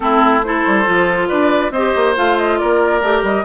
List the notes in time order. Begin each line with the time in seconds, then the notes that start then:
0.00 A3 C4 E4 A4
0.43 E4 A4 C5
0.67 G3
0.84 F3 F4
1.28 D4 B4 D5
1.70 C4 C5 D#5
1.77 G4
1.95 A#3
2.15 A3 F4 F5
2.37 D#5
2.58 A#3 A#4 D5
3.02 A3 G4
3.22 G3 D#5